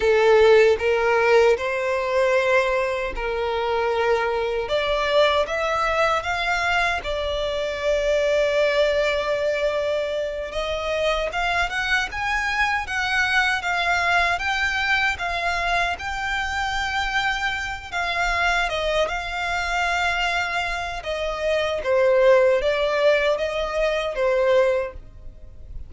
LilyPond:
\new Staff \with { instrumentName = "violin" } { \time 4/4 \tempo 4 = 77 a'4 ais'4 c''2 | ais'2 d''4 e''4 | f''4 d''2.~ | d''4. dis''4 f''8 fis''8 gis''8~ |
gis''8 fis''4 f''4 g''4 f''8~ | f''8 g''2~ g''8 f''4 | dis''8 f''2~ f''8 dis''4 | c''4 d''4 dis''4 c''4 | }